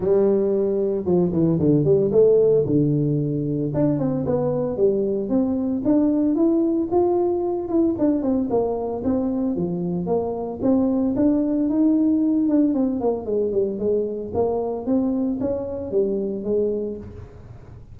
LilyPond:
\new Staff \with { instrumentName = "tuba" } { \time 4/4 \tempo 4 = 113 g2 f8 e8 d8 g8 | a4 d2 d'8 c'8 | b4 g4 c'4 d'4 | e'4 f'4. e'8 d'8 c'8 |
ais4 c'4 f4 ais4 | c'4 d'4 dis'4. d'8 | c'8 ais8 gis8 g8 gis4 ais4 | c'4 cis'4 g4 gis4 | }